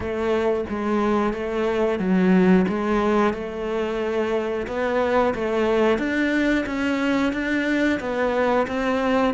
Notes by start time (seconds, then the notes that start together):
0.00 A3
0.69 G#3
1.33 A3
1.98 F#3
2.68 G#3
3.33 A3
4.67 B3
5.34 A3
5.98 D4
6.66 C#4
7.32 D4
8.00 B3
8.67 C4